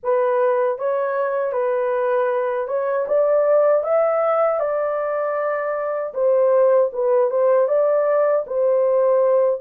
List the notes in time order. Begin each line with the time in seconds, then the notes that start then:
0.03 B4
0.78 C#5
1.52 B4
2.67 C#5
3.07 D5
3.83 E5
4.59 D5
6.14 C5
6.92 B4
7.30 C5
7.68 D5
8.46 C5